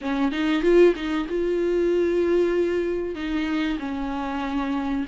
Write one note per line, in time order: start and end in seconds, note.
0.01 0.31 C#4
0.31 0.62 D#4
0.62 0.94 F4
0.95 1.27 D#4
1.28 3.15 F4
3.15 3.78 D#4
3.79 5.05 C#4